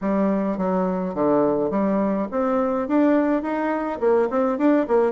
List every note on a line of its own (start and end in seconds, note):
0.01 0.57 G3
0.57 1.14 F#3
1.14 1.70 D3
1.70 2.27 G3
2.31 2.88 C4
2.88 3.42 D4
3.42 3.99 D#4
4.00 4.28 A#3
4.30 4.58 C4
4.58 4.86 D4
4.87 5.12 A#3